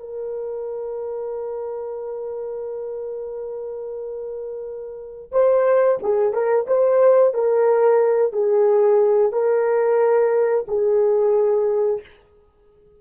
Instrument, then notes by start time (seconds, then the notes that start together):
horn
0.00 A#4
5.32 C5
6.03 G#4
6.33 A#4
6.67 C5
7.34 A#4
8.33 G#4
9.32 A#4
10.68 G#4